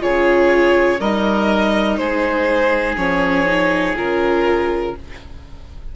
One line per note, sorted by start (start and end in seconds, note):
0.00 1.00 C#3
0.00 0.98 F4
0.00 1.00 G#4
0.00 1.01 C#5
1.00 1.98 G3
1.00 2.97 D#4
1.00 1.99 A#4
1.00 1.97 D#5
1.97 2.97 G#3
1.97 4.94 G#4
1.97 2.95 C5
2.97 3.95 F3
2.97 3.46 C#4
2.97 3.96 C#5
3.46 3.95 D#4
3.96 4.95 C#3
3.96 4.94 F4
3.96 4.96 A#4